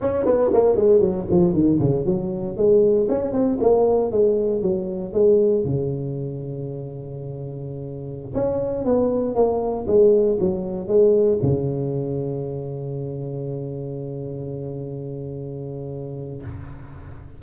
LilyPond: \new Staff \with { instrumentName = "tuba" } { \time 4/4 \tempo 4 = 117 cis'8 b8 ais8 gis8 fis8 f8 dis8 cis8 | fis4 gis4 cis'8 c'8 ais4 | gis4 fis4 gis4 cis4~ | cis1~ |
cis16 cis'4 b4 ais4 gis8.~ | gis16 fis4 gis4 cis4.~ cis16~ | cis1~ | cis1 | }